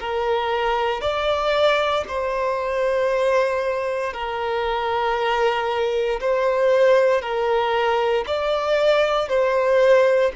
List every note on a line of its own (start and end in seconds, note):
0.00 1.01 A#4
1.01 2.05 D5
2.08 4.13 C5
4.13 6.20 A#4
6.20 7.22 C5
7.22 8.25 A#4
8.27 9.29 D5
9.29 10.32 C5